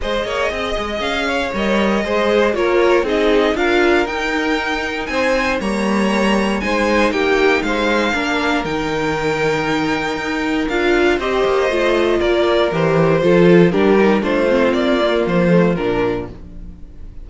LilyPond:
<<
  \new Staff \with { instrumentName = "violin" } { \time 4/4 \tempo 4 = 118 dis''2 f''4 dis''4~ | dis''4 cis''4 dis''4 f''4 | g''2 gis''4 ais''4~ | ais''4 gis''4 g''4 f''4~ |
f''4 g''2.~ | g''4 f''4 dis''2 | d''4 c''2 ais'4 | c''4 d''4 c''4 ais'4 | }
  \new Staff \with { instrumentName = "violin" } { \time 4/4 c''8 cis''8 dis''4. cis''4. | c''4 ais'4 gis'4 ais'4~ | ais'2 c''4 cis''4~ | cis''4 c''4 g'4 c''4 |
ais'1~ | ais'2 c''2 | ais'2 a'4 g'4 | f'1 | }
  \new Staff \with { instrumentName = "viola" } { \time 4/4 gis'2. ais'4 | gis'4 f'4 dis'4 f'4 | dis'2. ais4~ | ais4 dis'2. |
d'4 dis'2.~ | dis'4 f'4 g'4 f'4~ | f'4 g'4 f'4 d'8 dis'8 | d'8 c'4 ais4 a8 d'4 | }
  \new Staff \with { instrumentName = "cello" } { \time 4/4 gis8 ais8 c'8 gis8 cis'4 g4 | gis4 ais4 c'4 d'4 | dis'2 c'4 g4~ | g4 gis4 ais4 gis4 |
ais4 dis2. | dis'4 d'4 c'8 ais8 a4 | ais4 e4 f4 g4 | a4 ais4 f4 ais,4 | }
>>